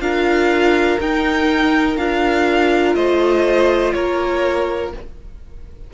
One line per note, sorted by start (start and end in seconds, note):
0.00 0.98 D4
0.00 0.99 F4
0.00 2.97 A#4
0.00 0.99 F5
1.01 1.97 D#4
1.01 1.99 D#4
1.01 1.98 G5
1.97 2.95 D4
1.97 4.94 F4
1.97 2.95 F5
2.95 3.94 A3
2.95 3.95 C5
2.95 3.93 D#5
3.93 4.94 A#3
3.93 4.94 A#4
3.93 4.91 C#5